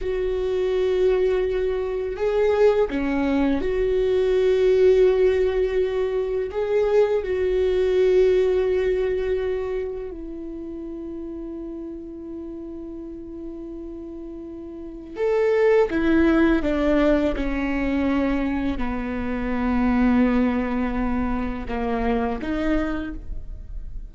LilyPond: \new Staff \with { instrumentName = "viola" } { \time 4/4 \tempo 4 = 83 fis'2. gis'4 | cis'4 fis'2.~ | fis'4 gis'4 fis'2~ | fis'2 e'2~ |
e'1~ | e'4 a'4 e'4 d'4 | cis'2 b2~ | b2 ais4 dis'4 | }